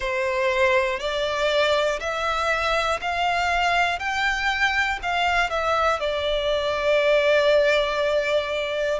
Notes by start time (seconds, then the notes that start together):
0.00 C5
0.99 D5
2.00 E5
3.00 F5
3.99 G5
5.02 F5
5.50 E5
6.00 D5